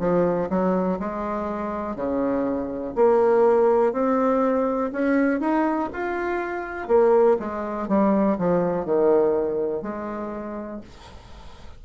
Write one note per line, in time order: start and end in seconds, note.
0.00 0.49 F3
0.50 0.99 F#3
1.00 1.96 G#3
1.96 2.94 C#3
2.96 3.93 A#3
3.93 4.91 C4
4.93 5.41 C#4
5.41 5.90 D#4
5.94 6.88 F4
6.88 7.37 A#3
7.39 7.88 G#3
7.88 8.37 G3
8.39 8.86 F3
8.86 9.83 D#3
9.83 10.81 G#3